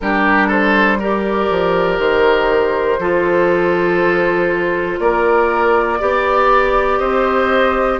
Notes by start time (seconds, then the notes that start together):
0.00 G3 D4 G4 A#4
0.47 A4 C5
0.99 G4 A#4 D5
1.50 F3
1.99 D#3 C5
2.99 F3 F4 A4
4.99 A#3 A#4 D5
5.99 B3 G4 D5
6.99 C4 C5 D#5